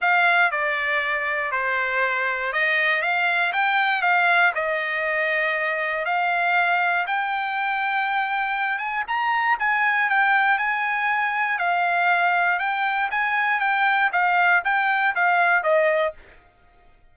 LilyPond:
\new Staff \with { instrumentName = "trumpet" } { \time 4/4 \tempo 4 = 119 f''4 d''2 c''4~ | c''4 dis''4 f''4 g''4 | f''4 dis''2. | f''2 g''2~ |
g''4. gis''8 ais''4 gis''4 | g''4 gis''2 f''4~ | f''4 g''4 gis''4 g''4 | f''4 g''4 f''4 dis''4 | }